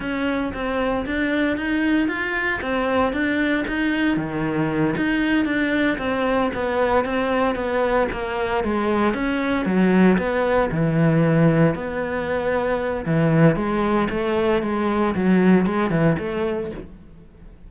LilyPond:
\new Staff \with { instrumentName = "cello" } { \time 4/4 \tempo 4 = 115 cis'4 c'4 d'4 dis'4 | f'4 c'4 d'4 dis'4 | dis4. dis'4 d'4 c'8~ | c'8 b4 c'4 b4 ais8~ |
ais8 gis4 cis'4 fis4 b8~ | b8 e2 b4.~ | b4 e4 gis4 a4 | gis4 fis4 gis8 e8 a4 | }